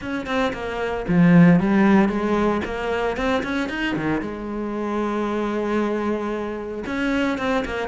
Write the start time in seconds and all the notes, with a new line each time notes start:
0.01 C#4
0.26 C4
0.53 A#3
1.08 F3
1.60 G3
2.08 G#3
2.65 A#3
3.16 C4
3.43 C#4
3.69 D#4
3.96 D#3
4.21 G#3
6.86 C#4
7.38 C4
7.65 A#3